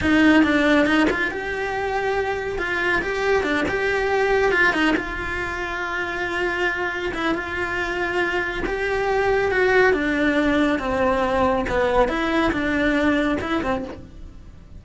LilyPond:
\new Staff \with { instrumentName = "cello" } { \time 4/4 \tempo 4 = 139 dis'4 d'4 dis'8 f'8 g'4~ | g'2 f'4 g'4 | d'8 g'2 f'8 dis'8 f'8~ | f'1~ |
f'8 e'8 f'2. | g'2 fis'4 d'4~ | d'4 c'2 b4 | e'4 d'2 e'8 c'8 | }